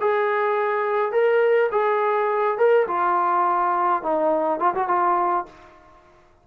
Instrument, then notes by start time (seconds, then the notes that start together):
trombone
0.00 G#4
1.12 A#4
1.72 G#4
2.58 A#4
2.87 F4
4.02 D#4
4.59 F4
4.74 F#4
4.87 F4